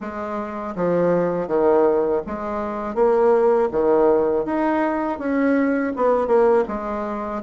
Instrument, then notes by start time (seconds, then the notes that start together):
bassoon
0.00 G#3
0.75 F3
1.47 D#3
2.26 G#3
2.95 A#3
3.71 D#3
4.45 D#4
5.18 C#4
5.96 B3
6.27 A#3
6.68 G#3